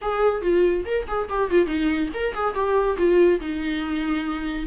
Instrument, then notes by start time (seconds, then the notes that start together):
viola
0.01 G#4
0.41 F4
0.85 A#4
1.07 G#4
1.29 G4
1.50 F4
1.66 D#4
2.14 A#4
2.34 G#4
2.54 G4
2.97 F4
3.40 D#4